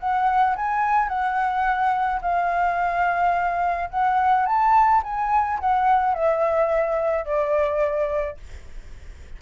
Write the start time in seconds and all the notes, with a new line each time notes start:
0.00 F#5
0.57 G#5
1.09 F#5
2.22 F5
3.90 F#5
4.46 A5
5.03 G#5
5.60 F#5
6.15 E5
7.25 D5